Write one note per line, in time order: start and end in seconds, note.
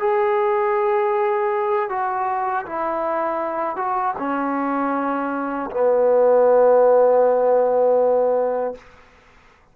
0.00 1.90 G#4
1.90 2.66 F#4
2.66 3.77 E4
3.77 4.15 F#4
4.18 5.70 C#4
5.71 8.75 B3